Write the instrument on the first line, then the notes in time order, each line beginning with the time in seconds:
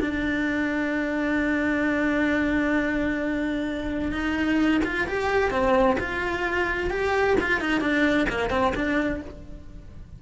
cello
0.00 D4
4.11 D#4
4.84 F4
5.07 G4
5.50 C4
5.99 F4
6.90 G4
7.40 F4
7.60 D#4
7.80 D4
8.29 A#3
8.50 C4
8.75 D4